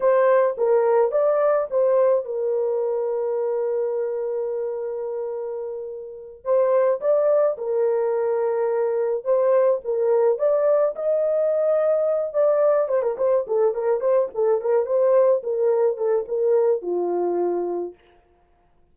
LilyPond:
\new Staff \with { instrumentName = "horn" } { \time 4/4 \tempo 4 = 107 c''4 ais'4 d''4 c''4 | ais'1~ | ais'2.~ ais'8 c''8~ | c''8 d''4 ais'2~ ais'8~ |
ais'8 c''4 ais'4 d''4 dis''8~ | dis''2 d''4 c''16 ais'16 c''8 | a'8 ais'8 c''8 a'8 ais'8 c''4 ais'8~ | ais'8 a'8 ais'4 f'2 | }